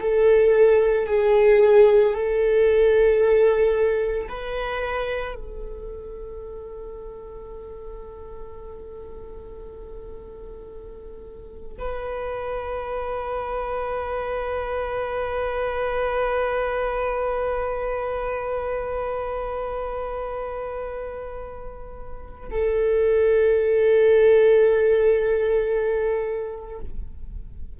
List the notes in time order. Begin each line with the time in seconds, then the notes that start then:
0.00 A4
1.07 G#4
2.14 A4
4.29 B4
5.35 A4
11.78 B4
22.51 A4